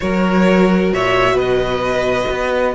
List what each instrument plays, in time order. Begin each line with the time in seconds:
0.00 cello F#3, viola F#4, violin A#4 C#5
0.92 cello A#2, violin C#5 E5
1.33 cello B2, violin B4 D#5
2.30 cello B3